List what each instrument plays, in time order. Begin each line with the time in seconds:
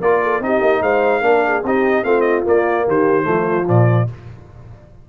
0.00 tuba A#3, trombone F4, horn A#4, trumpet D5
0.22 horn A4
0.40 tuba C4, trombone D#4, horn G4, trumpet D#5
0.61 tuba A#3
0.81 tuba G#3, horn C5, trumpet F5
1.21 tuba A#3, trombone D4, horn A#4
1.46 horn G#4
1.63 tuba C4, trombone D#4, horn G4, trumpet D#5
2.03 tuba A3, trombone C4, horn F4, trumpet F5
2.20 trumpet D#5
2.43 trombone A#3, tuba A#3, trumpet D5
2.87 tuba D#3, horn G4, trumpet C5
3.22 tuba F3, trombone A3, horn F4
3.65 tuba A#2, trombone F3, trumpet D5